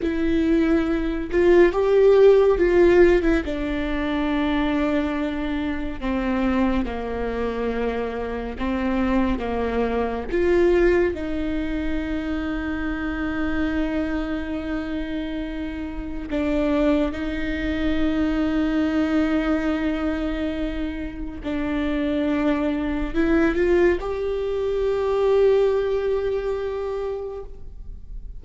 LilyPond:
\new Staff \with { instrumentName = "viola" } { \time 4/4 \tempo 4 = 70 e'4. f'8 g'4 f'8. e'16 | d'2. c'4 | ais2 c'4 ais4 | f'4 dis'2.~ |
dis'2. d'4 | dis'1~ | dis'4 d'2 e'8 f'8 | g'1 | }